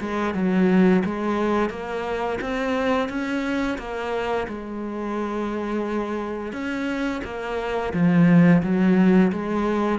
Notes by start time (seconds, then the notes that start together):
0.00 G#3
0.34 F#3
1.05 G#3
1.70 A#3
2.41 C4
3.09 C#4
3.78 A#3
4.48 G#3
6.52 C#4
7.24 A#3
7.93 F3
8.62 F#3
9.32 G#3